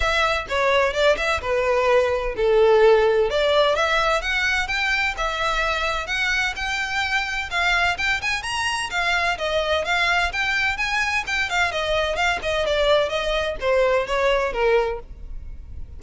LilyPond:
\new Staff \with { instrumentName = "violin" } { \time 4/4 \tempo 4 = 128 e''4 cis''4 d''8 e''8 b'4~ | b'4 a'2 d''4 | e''4 fis''4 g''4 e''4~ | e''4 fis''4 g''2 |
f''4 g''8 gis''8 ais''4 f''4 | dis''4 f''4 g''4 gis''4 | g''8 f''8 dis''4 f''8 dis''8 d''4 | dis''4 c''4 cis''4 ais'4 | }